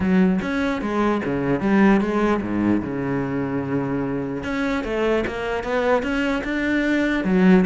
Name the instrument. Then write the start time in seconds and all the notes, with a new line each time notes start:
cello
0.00 F#3
0.41 C#4
0.81 G#3
1.24 C#3
1.60 G3
2.00 G#3
2.41 G#2
2.82 C#3
4.43 C#4
4.84 A3
5.27 A#3
5.63 B3
6.02 C#4
6.44 D4
7.24 F#3